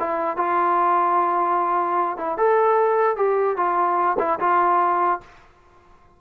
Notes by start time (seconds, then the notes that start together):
0.00 E4
0.37 F4
2.18 E4
2.38 A4
3.17 G4
3.57 F4
4.19 E4
4.40 F4